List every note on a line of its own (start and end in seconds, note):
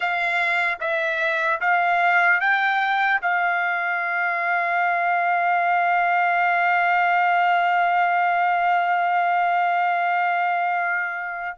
0.00 0.77 F5
0.80 1.60 E5
1.60 2.40 F5
2.40 3.20 G5
3.21 11.57 F5